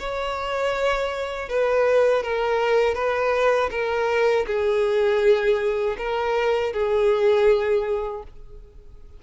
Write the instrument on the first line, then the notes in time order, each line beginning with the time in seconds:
violin
0.00 C#5
1.49 B4
2.24 A#4
2.95 B4
3.71 A#4
4.47 G#4
5.98 A#4
6.74 G#4